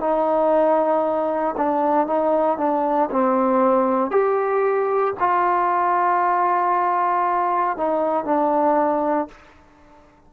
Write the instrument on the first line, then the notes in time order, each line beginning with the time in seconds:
trombone
0.00 D#4
1.57 D4
2.06 D#4
2.58 D4
3.11 C4
4.11 G4
5.20 F4
7.77 D#4
8.24 D4